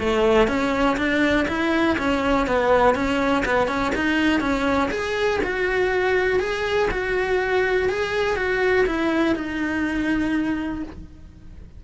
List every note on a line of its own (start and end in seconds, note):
0.00 0.48 A3
0.48 0.97 C#4
0.97 1.47 D4
1.48 1.97 E4
1.99 2.47 C#4
2.47 2.95 B3
2.95 3.44 C#4
3.46 3.68 B3
3.68 3.93 C#4
3.96 4.41 D#4
4.41 4.90 C#4
4.91 5.41 G#4
5.44 6.40 F#4
6.40 6.89 G#4
6.91 7.90 F#4
7.90 8.37 G#4
8.37 8.86 F#4
8.87 9.36 E4
9.36 10.84 D#4